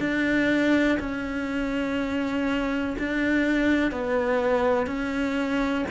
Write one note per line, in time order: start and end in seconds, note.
0.00 0.98 D4
1.00 2.96 C#4
2.99 3.92 D4
3.92 4.86 B3
4.86 5.85 C#4